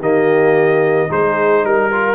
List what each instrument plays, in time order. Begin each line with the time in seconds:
0.00 tuba D#3, trombone A#3, horn G4, trumpet D#5
1.09 tuba G#3, trombone D#4, horn G#4, trumpet C5
1.64 tuba G3, horn A#4, trumpet A#4
1.91 trombone F4